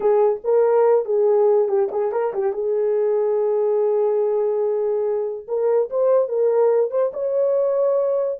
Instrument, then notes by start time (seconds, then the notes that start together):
horn
0.00 G#4
0.43 A#4
1.05 G#4
1.68 G4
1.91 G#4
2.12 A#4
2.33 G4
2.53 G#4
5.47 A#4
5.90 C5
6.28 A#4
6.90 C5
7.13 C#5